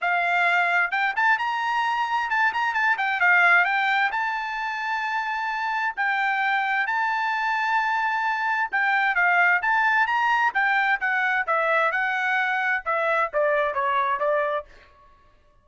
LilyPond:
\new Staff \with { instrumentName = "trumpet" } { \time 4/4 \tempo 4 = 131 f''2 g''8 a''8 ais''4~ | ais''4 a''8 ais''8 a''8 g''8 f''4 | g''4 a''2.~ | a''4 g''2 a''4~ |
a''2. g''4 | f''4 a''4 ais''4 g''4 | fis''4 e''4 fis''2 | e''4 d''4 cis''4 d''4 | }